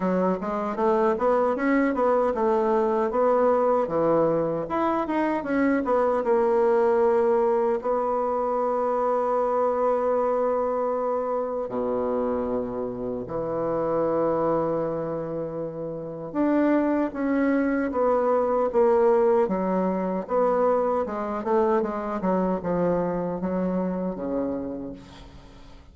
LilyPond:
\new Staff \with { instrumentName = "bassoon" } { \time 4/4 \tempo 4 = 77 fis8 gis8 a8 b8 cis'8 b8 a4 | b4 e4 e'8 dis'8 cis'8 b8 | ais2 b2~ | b2. b,4~ |
b,4 e2.~ | e4 d'4 cis'4 b4 | ais4 fis4 b4 gis8 a8 | gis8 fis8 f4 fis4 cis4 | }